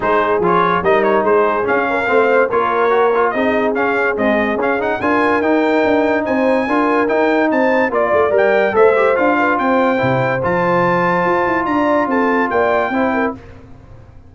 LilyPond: <<
  \new Staff \with { instrumentName = "trumpet" } { \time 4/4 \tempo 4 = 144 c''4 cis''4 dis''8 cis''8 c''4 | f''2 cis''2 | dis''4 f''4 dis''4 f''8 fis''8 | gis''4 g''2 gis''4~ |
gis''4 g''4 a''4 d''4 | g''4 e''4 f''4 g''4~ | g''4 a''2. | ais''4 a''4 g''2 | }
  \new Staff \with { instrumentName = "horn" } { \time 4/4 gis'2 ais'4 gis'4~ | gis'8 ais'8 c''4 ais'2 | gis'1 | ais'2. c''4 |
ais'2 c''4 d''4~ | d''4 c''4. b'8 c''4~ | c''1 | d''4 a'4 d''4 c''8 ais'8 | }
  \new Staff \with { instrumentName = "trombone" } { \time 4/4 dis'4 f'4 dis'2 | cis'4 c'4 f'4 fis'8 f'8 | dis'4 cis'4 gis4 cis'8 dis'8 | f'4 dis'2. |
f'4 dis'2 f'4 | ais'4 a'8 g'8 f'2 | e'4 f'2.~ | f'2. e'4 | }
  \new Staff \with { instrumentName = "tuba" } { \time 4/4 gis4 f4 g4 gis4 | cis'4 a4 ais2 | c'4 cis'4 c'4 cis'4 | d'4 dis'4 d'4 c'4 |
d'4 dis'4 c'4 ais8 a8 | g4 a4 d'4 c'4 | c4 f2 f'8 e'8 | d'4 c'4 ais4 c'4 | }
>>